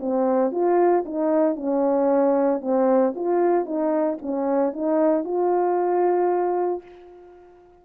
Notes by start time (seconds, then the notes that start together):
0.00 C4
0.51 F4
1.05 D#4
1.56 C#4
2.61 C4
3.15 F4
3.65 D#4
4.22 C#4
4.72 D#4
5.24 F4